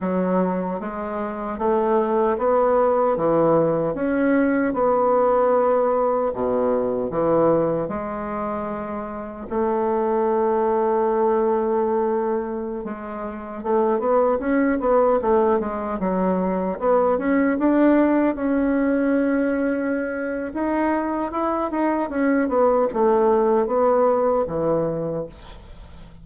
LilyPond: \new Staff \with { instrumentName = "bassoon" } { \time 4/4 \tempo 4 = 76 fis4 gis4 a4 b4 | e4 cis'4 b2 | b,4 e4 gis2 | a1~ |
a16 gis4 a8 b8 cis'8 b8 a8 gis16~ | gis16 fis4 b8 cis'8 d'4 cis'8.~ | cis'2 dis'4 e'8 dis'8 | cis'8 b8 a4 b4 e4 | }